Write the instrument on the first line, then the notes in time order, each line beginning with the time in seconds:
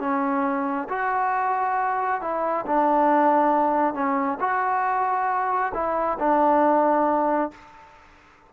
trombone
0.00 C#4
0.89 F#4
2.21 E4
2.66 D4
3.94 C#4
4.40 F#4
5.74 E4
6.19 D4